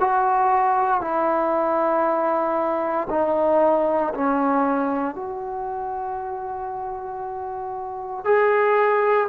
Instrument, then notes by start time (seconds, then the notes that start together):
trombone
0.00 F#4
1.02 E4
3.10 D#4
4.15 C#4
5.16 F#4
8.25 G#4